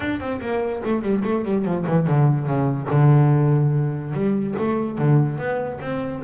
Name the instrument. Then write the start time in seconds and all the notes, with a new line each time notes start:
double bass
0.00 D4
0.20 C4
0.40 A#3
0.84 A3
1.02 G3
1.24 A3
1.44 G3
1.64 F3
1.86 E3
2.07 D3
2.46 C#3
2.90 D3
4.13 G3
4.58 A3
4.98 D3
5.38 B3
5.81 C4